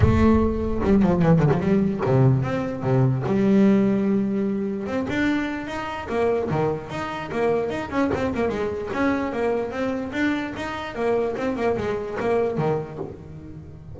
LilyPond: \new Staff \with { instrumentName = "double bass" } { \time 4/4 \tempo 4 = 148 a2 g8 f8 e8 d16 f16 | g4 c4 c'4 c4 | g1 | c'8 d'4. dis'4 ais4 |
dis4 dis'4 ais4 dis'8 cis'8 | c'8 ais8 gis4 cis'4 ais4 | c'4 d'4 dis'4 ais4 | c'8 ais8 gis4 ais4 dis4 | }